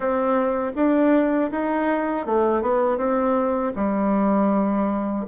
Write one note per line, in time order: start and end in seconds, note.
0.00 0.71 C4
0.75 1.50 D4
1.51 2.26 D#4
2.26 2.62 A3
2.62 2.97 B3
2.97 3.72 C4
3.75 5.25 G3